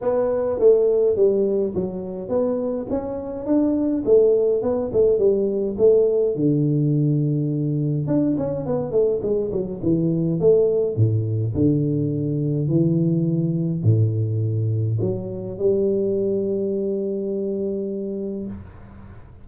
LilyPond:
\new Staff \with { instrumentName = "tuba" } { \time 4/4 \tempo 4 = 104 b4 a4 g4 fis4 | b4 cis'4 d'4 a4 | b8 a8 g4 a4 d4~ | d2 d'8 cis'8 b8 a8 |
gis8 fis8 e4 a4 a,4 | d2 e2 | a,2 fis4 g4~ | g1 | }